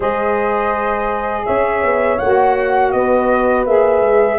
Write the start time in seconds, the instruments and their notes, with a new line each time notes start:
0.00 tuba G#3, saxophone G#4, horn C5, flute D#5
1.45 tuba C#4, horn C#5, flute E5
1.82 tuba B3
2.18 tuba A#3, saxophone F#4, flute F#5
2.91 tuba B3, horn B4, flute D#5
3.65 tuba A#3, saxophone G#4, flute E5
4.01 tuba G#3